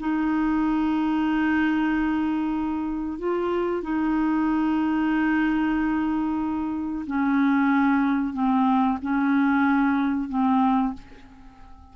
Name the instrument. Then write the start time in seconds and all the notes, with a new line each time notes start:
clarinet
0.00 D#4
3.19 F4
3.83 D#4
7.07 C#4
8.34 C4
9.02 C#4
10.29 C4